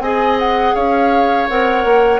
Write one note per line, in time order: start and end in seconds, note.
0.00 0.73 C4
0.00 1.49 G#4
0.00 0.75 D#5
0.00 0.38 G#5
0.39 0.75 F#5
0.75 1.49 C#4
0.75 2.20 C#5
0.75 1.48 F5
1.48 1.85 C4
1.48 2.20 A#4
1.48 2.20 F#5
1.85 2.20 A#3